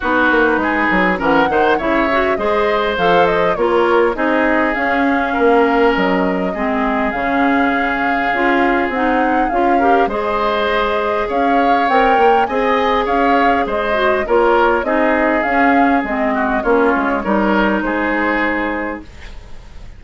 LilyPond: <<
  \new Staff \with { instrumentName = "flute" } { \time 4/4 \tempo 4 = 101 b'2 fis''4 e''4 | dis''4 f''8 dis''8 cis''4 dis''4 | f''2 dis''2 | f''2. fis''4 |
f''4 dis''2 f''4 | g''4 gis''4 f''4 dis''4 | cis''4 dis''4 f''4 dis''4 | cis''2 c''2 | }
  \new Staff \with { instrumentName = "oboe" } { \time 4/4 fis'4 gis'4 ais'8 c''8 cis''4 | c''2 ais'4 gis'4~ | gis'4 ais'2 gis'4~ | gis'1~ |
gis'8 ais'8 c''2 cis''4~ | cis''4 dis''4 cis''4 c''4 | ais'4 gis'2~ gis'8 fis'8 | f'4 ais'4 gis'2 | }
  \new Staff \with { instrumentName = "clarinet" } { \time 4/4 dis'2 cis'8 dis'8 e'8 fis'8 | gis'4 a'4 f'4 dis'4 | cis'2. c'4 | cis'2 f'4 dis'4 |
f'8 g'8 gis'2. | ais'4 gis'2~ gis'8 fis'8 | f'4 dis'4 cis'4 c'4 | cis'4 dis'2. | }
  \new Staff \with { instrumentName = "bassoon" } { \time 4/4 b8 ais8 gis8 fis8 e8 dis8 cis4 | gis4 f4 ais4 c'4 | cis'4 ais4 fis4 gis4 | cis2 cis'4 c'4 |
cis'4 gis2 cis'4 | c'8 ais8 c'4 cis'4 gis4 | ais4 c'4 cis'4 gis4 | ais8 gis8 g4 gis2 | }
>>